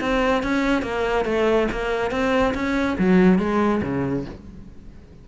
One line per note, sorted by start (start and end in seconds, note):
0.00 0.43 C4
0.43 0.82 C#4
0.82 1.25 A#3
1.25 1.68 A3
1.72 2.11 A#3
2.11 2.54 C4
2.54 2.97 C#4
2.98 3.39 F#3
3.39 3.81 G#3
3.82 4.25 C#3